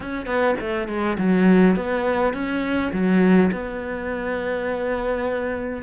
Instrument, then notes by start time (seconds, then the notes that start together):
cello
0.00 C#4
0.26 B3
0.60 A3
0.88 G#3
1.18 F#3
1.76 B3
2.33 C#4
2.92 F#3
3.51 B3